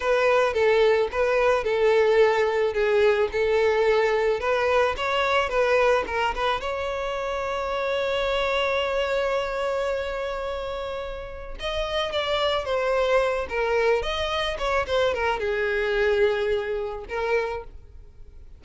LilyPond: \new Staff \with { instrumentName = "violin" } { \time 4/4 \tempo 4 = 109 b'4 a'4 b'4 a'4~ | a'4 gis'4 a'2 | b'4 cis''4 b'4 ais'8 b'8 | cis''1~ |
cis''1~ | cis''4 dis''4 d''4 c''4~ | c''8 ais'4 dis''4 cis''8 c''8 ais'8 | gis'2. ais'4 | }